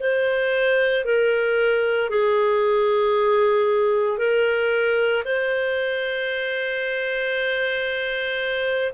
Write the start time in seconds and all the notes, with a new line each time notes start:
0.00 C5
1.05 A#4
2.10 G#4
4.18 A#4
5.25 C5